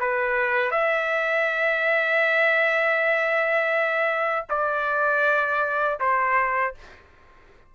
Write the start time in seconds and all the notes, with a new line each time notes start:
0.00 B4
0.71 E5
4.49 D5
6.00 C5